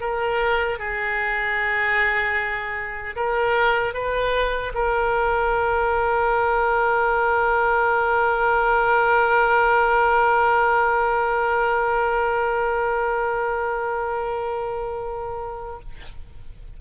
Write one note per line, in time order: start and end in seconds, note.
0.00 0.78 A#4
0.78 3.15 G#4
3.15 3.93 A#4
3.93 4.72 B4
4.74 15.79 A#4